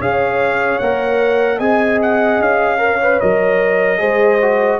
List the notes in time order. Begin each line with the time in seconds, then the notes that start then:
0.00 C#4 G#4 C#5 F5
0.79 A#3 A#4 F#5
1.58 C4 G#4 D#5 G#5
2.02 F#5
2.41 C#4 F5
2.78 A#4 C#5
3.03 B4
3.20 F#3 A#4 D#5
3.98 G#3 G#4 C5
4.42 F#4